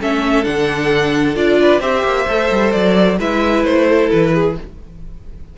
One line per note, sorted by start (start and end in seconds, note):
0.00 0.46 A3
0.00 0.43 C#4
0.00 1.60 A4
0.00 0.44 E5
0.43 1.36 D3
0.43 1.34 D4
0.43 1.35 F#5
1.35 1.80 D4
1.35 1.80 F4
1.35 1.80 D5
1.61 1.81 B4
1.80 2.02 C4
1.80 2.26 G4
1.80 3.17 C5
1.80 2.71 E5
2.03 2.26 A#3
2.27 2.50 A3
2.27 3.18 A4
2.51 2.74 G3
2.71 3.19 F#3
2.71 3.17 D5
3.19 3.64 G#3
3.19 4.56 E4
3.19 3.87 B4
3.19 3.64 E5
3.64 4.10 A3
3.64 4.09 C5
3.89 4.33 A4
4.11 4.57 E3
4.11 4.56 B4
4.33 4.56 G#4